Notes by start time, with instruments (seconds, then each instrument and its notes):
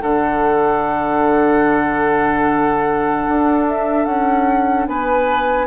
0.00 bassoon D3, clarinet D4, oboe A4, flute F#5
3.28 bassoon D4
3.68 flute E5
4.05 bassoon C#4, flute F#5
4.87 bassoon B3, oboe B4, flute G#5